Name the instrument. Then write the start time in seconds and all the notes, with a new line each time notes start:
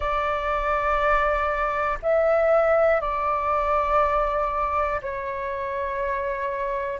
flute
0.00 D5
2.02 E5
3.00 D5
5.01 C#5